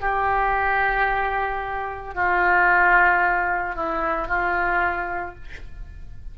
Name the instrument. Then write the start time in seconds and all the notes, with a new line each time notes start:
oboe
0.00 G4
2.14 F4
3.75 E4
4.28 F4